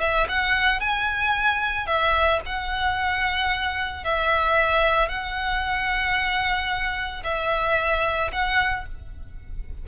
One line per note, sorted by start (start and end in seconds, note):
0.00 0.27 E5
0.29 0.80 F#5
0.80 1.87 G#5
1.87 2.40 E5
2.46 4.04 F#5
4.04 5.08 E5
5.08 7.23 F#5
7.24 8.31 E5
8.32 8.86 F#5